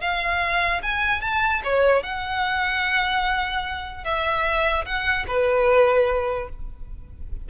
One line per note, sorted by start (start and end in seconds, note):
0.00 0.81 F5
0.82 1.21 G#5
1.21 1.61 A5
1.64 2.03 C#5
2.03 4.04 F#5
4.04 4.85 E5
4.85 5.26 F#5
5.27 6.49 B4